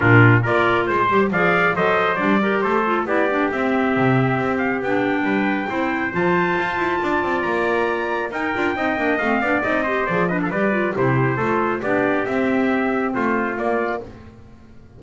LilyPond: <<
  \new Staff \with { instrumentName = "trumpet" } { \time 4/4 \tempo 4 = 137 ais'4 d''4 c''4 f''4 | dis''4 d''4 c''4 d''4 | e''2~ e''8 f''8 g''4~ | g''2 a''2~ |
a''4 ais''2 g''4~ | g''4 f''4 dis''4 d''8 dis''16 f''16 | d''4 c''2 d''4 | e''2 c''4 d''4 | }
  \new Staff \with { instrumentName = "trumpet" } { \time 4/4 f'4 ais'4 c''4 d''4 | c''4. ais'8 a'4 g'4~ | g'1 | b'4 c''2. |
d''2. ais'4 | dis''4. d''4 c''4 b'16 a'16 | b'4 g'4 a'4 g'4~ | g'2 f'2 | }
  \new Staff \with { instrumentName = "clarinet" } { \time 4/4 d'4 f'4. g'8 gis'4 | a'4 d'8 g'4 f'8 e'8 d'8 | c'2. d'4~ | d'4 e'4 f'2~ |
f'2. dis'8 f'8 | dis'8 d'8 c'8 d'8 dis'8 g'8 gis'8 d'8 | g'8 f'8 e'4 f'4 d'4 | c'2. ais4 | }
  \new Staff \with { instrumentName = "double bass" } { \time 4/4 ais,4 ais4 gis8 g8 f4 | fis4 g4 a4 b4 | c'4 c4 c'4 b4 | g4 c'4 f4 f'8 e'8 |
d'8 c'8 ais2 dis'8 d'8 | c'8 ais8 a8 b8 c'4 f4 | g4 c4 a4 b4 | c'2 a4 ais4 | }
>>